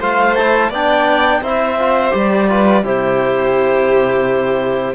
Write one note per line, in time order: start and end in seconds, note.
0.00 0.70 A3
0.00 0.36 F4
0.00 0.70 C5
0.00 0.35 F5
0.35 0.73 E4
0.35 0.71 A5
0.70 1.41 B3
0.70 1.44 D4
0.70 1.40 D5
0.70 1.44 G5
1.41 2.11 C4
1.41 1.79 E4
1.41 2.49 C5
1.41 2.15 E5
1.79 2.11 F4
2.11 2.83 G3
2.11 2.46 G4
2.11 2.86 D5
2.49 2.84 F4
2.49 2.84 B4
2.83 4.95 C3
2.83 4.95 E4
2.83 4.95 G4
2.83 4.95 C5